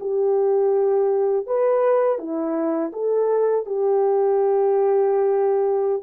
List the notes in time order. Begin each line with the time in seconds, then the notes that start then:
0.00 G4
1.46 B4
2.19 E4
2.92 A4
3.66 G4